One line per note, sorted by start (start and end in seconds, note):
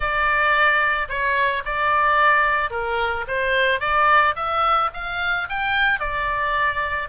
0.00 1.08 D5
1.08 1.63 C#5
1.65 2.70 D5
2.70 3.25 A#4
3.27 3.80 C5
3.80 4.34 D5
4.35 4.90 E5
4.93 5.48 F5
5.49 5.99 G5
5.99 7.08 D5